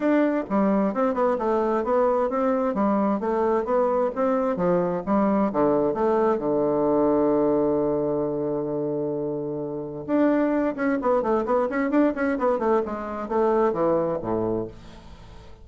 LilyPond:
\new Staff \with { instrumentName = "bassoon" } { \time 4/4 \tempo 4 = 131 d'4 g4 c'8 b8 a4 | b4 c'4 g4 a4 | b4 c'4 f4 g4 | d4 a4 d2~ |
d1~ | d2 d'4. cis'8 | b8 a8 b8 cis'8 d'8 cis'8 b8 a8 | gis4 a4 e4 a,4 | }